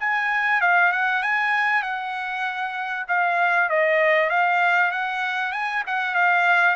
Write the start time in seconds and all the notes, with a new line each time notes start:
0.00 G#5
0.61 F5
0.92 F#5
1.23 G#5
1.83 F#5
3.08 F5
3.70 D#5
4.30 F5
4.92 F#5
5.52 G#5
5.87 F#5
6.15 F5